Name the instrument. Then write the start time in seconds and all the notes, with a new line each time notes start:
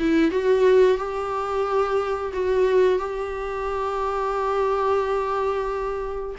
viola
0.00 E4
0.32 F#4
0.97 G4
2.34 F#4
2.99 G4